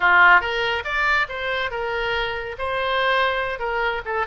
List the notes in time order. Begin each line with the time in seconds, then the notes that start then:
0.00 F4
0.40 A#4
0.84 D5
1.28 C5
1.70 A#4
2.58 C5
3.59 A#4
4.05 A4